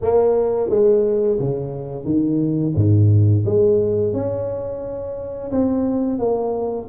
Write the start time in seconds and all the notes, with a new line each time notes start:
0.01 A#3
0.69 G#3
1.39 C#3
2.04 D#3
2.75 G#2
3.45 G#3
4.13 C#4
5.51 C4
6.18 A#3